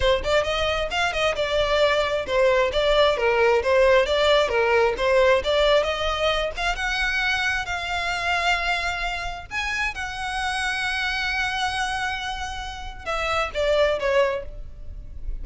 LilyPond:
\new Staff \with { instrumentName = "violin" } { \time 4/4 \tempo 4 = 133 c''8 d''8 dis''4 f''8 dis''8 d''4~ | d''4 c''4 d''4 ais'4 | c''4 d''4 ais'4 c''4 | d''4 dis''4. f''8 fis''4~ |
fis''4 f''2.~ | f''4 gis''4 fis''2~ | fis''1~ | fis''4 e''4 d''4 cis''4 | }